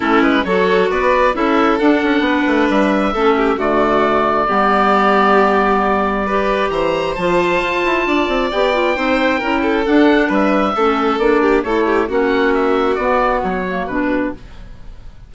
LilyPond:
<<
  \new Staff \with { instrumentName = "oboe" } { \time 4/4 \tempo 4 = 134 a'8 b'8 cis''4 d''4 e''4 | fis''2 e''2 | d''1~ | d''2. ais''4 |
a''2. g''4~ | g''2 fis''4 e''4~ | e''4 d''4 cis''4 fis''4 | e''4 d''4 cis''4 b'4 | }
  \new Staff \with { instrumentName = "violin" } { \time 4/4 e'4 a'4 b'4 a'4~ | a'4 b'2 a'8 g'8 | fis'2 g'2~ | g'2 b'4 c''4~ |
c''2 d''2 | c''4 ais'8 a'4. b'4 | a'4. g'8 a'8 g'8 fis'4~ | fis'1 | }
  \new Staff \with { instrumentName = "clarinet" } { \time 4/4 cis'4 fis'2 e'4 | d'2. cis'4 | a2 b2~ | b2 g'2 |
f'2. g'8 f'8 | dis'4 e'4 d'2 | cis'4 d'4 e'4 cis'4~ | cis'4 b4. ais8 d'4 | }
  \new Staff \with { instrumentName = "bassoon" } { \time 4/4 a8 gis8 fis4 b4 cis'4 | d'8 cis'8 b8 a8 g4 a4 | d2 g2~ | g2. e4 |
f4 f'8 e'8 d'8 c'8 b4 | c'4 cis'4 d'4 g4 | a4 ais4 a4 ais4~ | ais4 b4 fis4 b,4 | }
>>